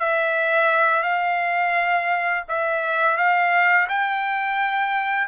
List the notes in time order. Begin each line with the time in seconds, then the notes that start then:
0.00 E5
1.03 F5
2.49 E5
3.18 F5
3.89 G5